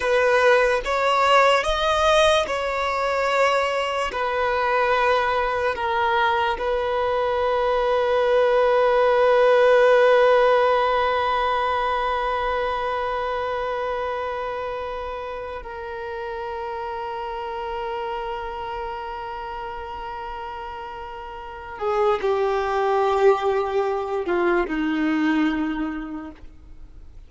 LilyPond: \new Staff \with { instrumentName = "violin" } { \time 4/4 \tempo 4 = 73 b'4 cis''4 dis''4 cis''4~ | cis''4 b'2 ais'4 | b'1~ | b'1~ |
b'2. ais'4~ | ais'1~ | ais'2~ ais'8 gis'8 g'4~ | g'4. f'8 dis'2 | }